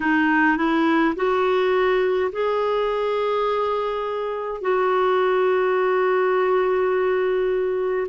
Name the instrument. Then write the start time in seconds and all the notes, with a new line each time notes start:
clarinet
0.00 D#4
0.57 E4
1.15 F#4
2.31 G#4
4.61 F#4